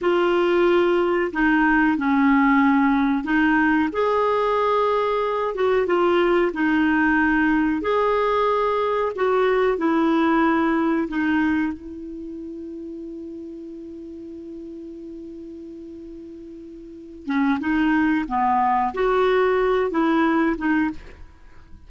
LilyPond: \new Staff \with { instrumentName = "clarinet" } { \time 4/4 \tempo 4 = 92 f'2 dis'4 cis'4~ | cis'4 dis'4 gis'2~ | gis'8 fis'8 f'4 dis'2 | gis'2 fis'4 e'4~ |
e'4 dis'4 e'2~ | e'1~ | e'2~ e'8 cis'8 dis'4 | b4 fis'4. e'4 dis'8 | }